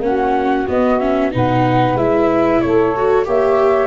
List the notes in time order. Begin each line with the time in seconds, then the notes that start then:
0.00 A#3 C#4 F#4 F#5
0.67 B3 D#5
0.99 C#4 E5
1.32 B2 D#4 B4 F#5
1.95 G#3 E4 E5
2.61 A3 A4 C#5
2.97 F#4
3.25 A#3 G4 C#5 E5